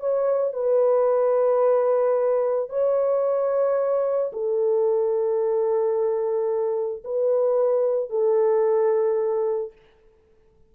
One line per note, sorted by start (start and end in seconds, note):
0.00 0.53 C#5
0.53 2.70 B4
2.70 4.32 C#5
4.33 7.03 A4
7.04 8.10 B4
8.10 9.72 A4